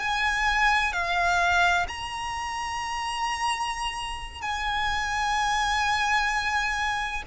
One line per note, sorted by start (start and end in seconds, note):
0.00 0.93 G#5
0.93 1.87 F5
1.88 4.42 A#5
4.42 7.23 G#5